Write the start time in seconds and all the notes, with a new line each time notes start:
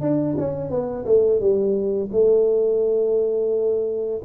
0.00 D4
0.37 C#4
0.69 B3
1.05 A3
1.40 G3
2.11 A3